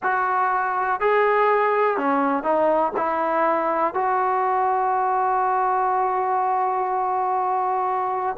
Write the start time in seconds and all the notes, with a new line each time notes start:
0.02 F#4
1.00 G#4
1.97 C#4
2.43 D#4
2.96 E4
3.93 F#4